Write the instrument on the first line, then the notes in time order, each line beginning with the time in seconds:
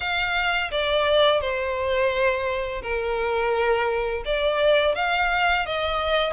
violin
0.00 F5
0.71 D5
1.41 C5
2.82 A#4
4.25 D5
4.95 F5
5.66 D#5